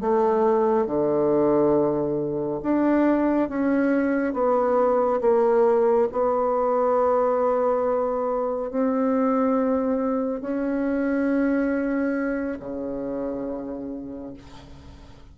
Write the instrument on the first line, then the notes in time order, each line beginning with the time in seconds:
bassoon
0.00 A3
0.86 D3
2.62 D4
3.49 C#4
4.33 B3
5.21 A#3
6.11 B3
8.70 C4
10.41 C#4
12.60 C#3